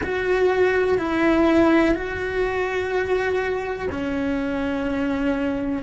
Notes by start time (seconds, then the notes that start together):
0.02 F#4
0.98 E4
1.94 F#4
3.91 C#4